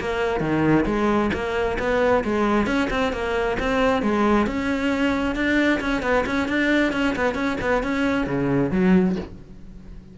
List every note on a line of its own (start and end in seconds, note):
0.00 0.41 A#3
0.41 0.85 D#3
0.86 1.30 G#3
1.33 1.78 A#3
1.79 2.24 B3
2.24 2.67 G#3
2.67 2.89 C#4
2.90 3.13 C4
3.13 3.57 A#3
3.59 4.02 C4
4.02 4.47 G#3
4.47 5.36 C#4
5.36 5.80 D4
5.81 6.02 C#4
6.02 6.25 B3
6.26 6.48 C#4
6.48 6.92 D4
6.92 7.15 C#4
7.16 7.35 B3
7.35 7.57 C#4
7.61 7.83 B3
7.83 8.27 C#4
8.27 8.71 C#3
8.71 9.16 F#3